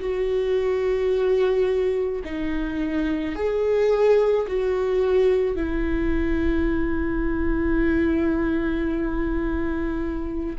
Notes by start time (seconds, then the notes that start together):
0.00 F#4
2.24 D#4
3.35 G#4
4.47 F#4
5.56 E4